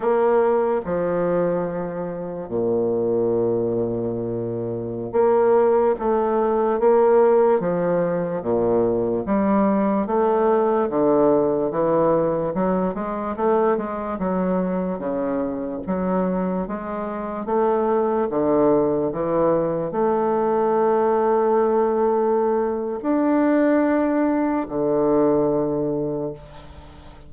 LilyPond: \new Staff \with { instrumentName = "bassoon" } { \time 4/4 \tempo 4 = 73 ais4 f2 ais,4~ | ais,2~ ais,16 ais4 a8.~ | a16 ais4 f4 ais,4 g8.~ | g16 a4 d4 e4 fis8 gis16~ |
gis16 a8 gis8 fis4 cis4 fis8.~ | fis16 gis4 a4 d4 e8.~ | e16 a2.~ a8. | d'2 d2 | }